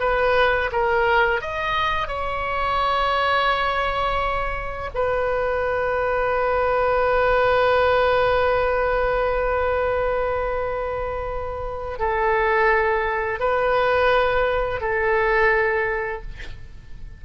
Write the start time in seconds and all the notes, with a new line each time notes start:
0.00 B4
0.73 A#4
1.41 D#5
2.08 C#5
4.95 B4
11.99 A4
13.40 B4
14.81 A4